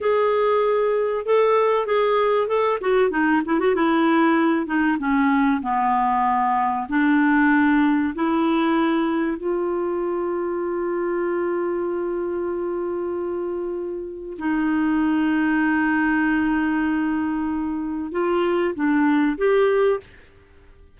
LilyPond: \new Staff \with { instrumentName = "clarinet" } { \time 4/4 \tempo 4 = 96 gis'2 a'4 gis'4 | a'8 fis'8 dis'8 e'16 fis'16 e'4. dis'8 | cis'4 b2 d'4~ | d'4 e'2 f'4~ |
f'1~ | f'2. dis'4~ | dis'1~ | dis'4 f'4 d'4 g'4 | }